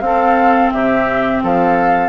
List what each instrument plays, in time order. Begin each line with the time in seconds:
0.00 bassoon C4, clarinet C4, oboe A4, flute F5
0.71 bassoon C3, oboe G4, flute E5
1.42 bassoon F3, oboe A4, flute F5